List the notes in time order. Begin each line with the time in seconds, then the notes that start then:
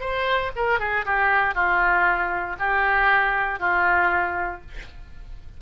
0.00 C5
0.55 A#4
0.79 G#4
1.05 G4
1.54 F4
2.58 G4
3.59 F4